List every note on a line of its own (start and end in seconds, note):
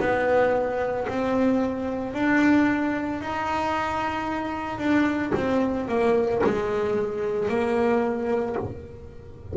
0.00 1.07 B3
1.08 2.14 C4
2.14 3.21 D4
3.21 4.79 D#4
4.79 5.32 D4
5.35 5.88 C4
5.88 6.42 A#3
6.44 7.49 G#3
7.49 8.56 A#3